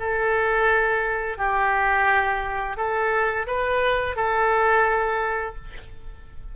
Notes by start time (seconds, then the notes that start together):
0.00 A4
1.38 G4
2.77 A4
3.47 B4
4.16 A4